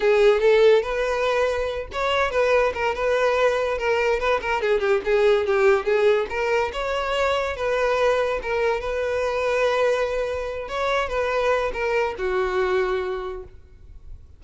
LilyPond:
\new Staff \with { instrumentName = "violin" } { \time 4/4 \tempo 4 = 143 gis'4 a'4 b'2~ | b'8 cis''4 b'4 ais'8 b'4~ | b'4 ais'4 b'8 ais'8 gis'8 g'8 | gis'4 g'4 gis'4 ais'4 |
cis''2 b'2 | ais'4 b'2.~ | b'4. cis''4 b'4. | ais'4 fis'2. | }